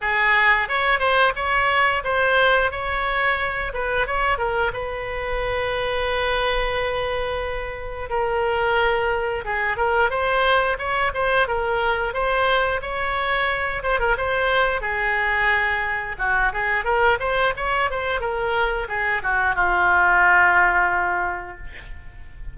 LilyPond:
\new Staff \with { instrumentName = "oboe" } { \time 4/4 \tempo 4 = 89 gis'4 cis''8 c''8 cis''4 c''4 | cis''4. b'8 cis''8 ais'8 b'4~ | b'1 | ais'2 gis'8 ais'8 c''4 |
cis''8 c''8 ais'4 c''4 cis''4~ | cis''8 c''16 ais'16 c''4 gis'2 | fis'8 gis'8 ais'8 c''8 cis''8 c''8 ais'4 | gis'8 fis'8 f'2. | }